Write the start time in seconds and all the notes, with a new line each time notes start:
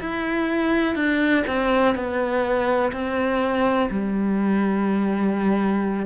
0.00 E4
0.95 D4
1.47 C4
1.95 B3
2.93 C4
3.90 G3